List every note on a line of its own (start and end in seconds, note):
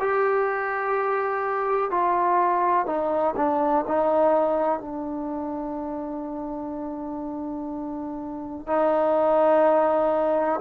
0.00 1.91 G4
1.91 2.87 F4
2.87 3.35 D#4
3.37 3.85 D4
3.88 4.80 D#4
4.80 8.67 D4
8.67 10.61 D#4